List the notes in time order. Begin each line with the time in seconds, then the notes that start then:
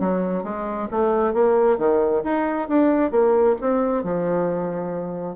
0.00 F#3
0.44 G#3
0.91 A3
1.34 A#3
1.78 D#3
2.23 D#4
2.68 D4
3.11 A#3
3.61 C4
4.03 F3